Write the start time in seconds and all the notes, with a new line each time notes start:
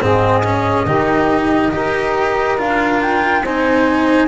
0.00 G#2 C4 G#4 D#5
0.44 C#4
0.85 D#3 D#4 G4
1.72 D#4 G4 A#4
2.57 D4 F4 F5
3.01 G5
3.43 C4 D#4 C5 G#5